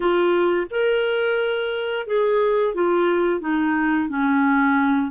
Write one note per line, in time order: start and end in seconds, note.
0.00 0.66 F4
0.70 2.06 A#4
2.06 2.74 G#4
2.74 3.40 F4
3.40 4.08 D#4
4.08 5.11 C#4